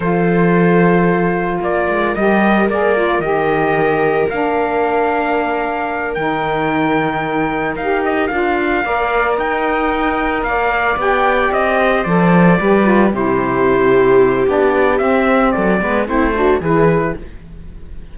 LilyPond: <<
  \new Staff \with { instrumentName = "trumpet" } { \time 4/4 \tempo 4 = 112 c''2. d''4 | dis''4 d''4 dis''2 | f''2.~ f''8 g''8~ | g''2~ g''8 f''8 dis''8 f''8~ |
f''4. g''2 f''8~ | f''8 g''4 dis''4 d''4.~ | d''8 c''2~ c''8 d''4 | e''4 d''4 c''4 b'4 | }
  \new Staff \with { instrumentName = "viola" } { \time 4/4 a'2. ais'4~ | ais'1~ | ais'1~ | ais'1~ |
ais'8 d''4 dis''2 d''8~ | d''2 c''4. b'8~ | b'8 g'2.~ g'8~ | g'4 a'8 b'8 e'8 fis'8 gis'4 | }
  \new Staff \with { instrumentName = "saxophone" } { \time 4/4 f'1 | g'4 gis'8 f'8 g'2 | d'2.~ d'8 dis'8~ | dis'2~ dis'8 g'4 f'8~ |
f'8 ais'2.~ ais'8~ | ais'8 g'2 a'4 g'8 | f'8 e'2~ e'8 d'4 | c'4. b8 c'8 d'8 e'4 | }
  \new Staff \with { instrumentName = "cello" } { \time 4/4 f2. ais8 gis8 | g4 ais4 dis2 | ais2.~ ais8 dis8~ | dis2~ dis8 dis'4 d'8~ |
d'8 ais4 dis'2 ais8~ | ais8 b4 c'4 f4 g8~ | g8 c2~ c8 b4 | c'4 fis8 gis8 a4 e4 | }
>>